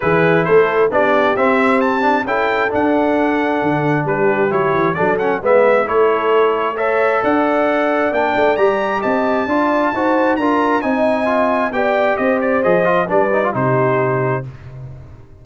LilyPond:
<<
  \new Staff \with { instrumentName = "trumpet" } { \time 4/4 \tempo 4 = 133 b'4 c''4 d''4 e''4 | a''4 g''4 fis''2~ | fis''4 b'4 cis''4 d''8 fis''8 | e''4 cis''2 e''4 |
fis''2 g''4 ais''4 | a''2. ais''4 | gis''2 g''4 dis''8 d''8 | dis''4 d''4 c''2 | }
  \new Staff \with { instrumentName = "horn" } { \time 4/4 gis'4 a'4 g'2~ | g'4 a'2.~ | a'4 g'2 a'4 | b'4 a'2 cis''4 |
d''1 | dis''4 d''4 c''4 ais'4 | dis''2 d''4 c''4~ | c''4 b'4 g'2 | }
  \new Staff \with { instrumentName = "trombone" } { \time 4/4 e'2 d'4 c'4~ | c'8 d'8 e'4 d'2~ | d'2 e'4 d'8 cis'8 | b4 e'2 a'4~ |
a'2 d'4 g'4~ | g'4 f'4 fis'4 f'4 | dis'4 f'4 g'2 | gis'8 f'8 d'8 dis'16 f'16 dis'2 | }
  \new Staff \with { instrumentName = "tuba" } { \time 4/4 e4 a4 b4 c'4~ | c'4 cis'4 d'2 | d4 g4 fis8 e8 fis4 | gis4 a2. |
d'2 ais8 a8 g4 | c'4 d'4 dis'4 d'4 | c'2 b4 c'4 | f4 g4 c2 | }
>>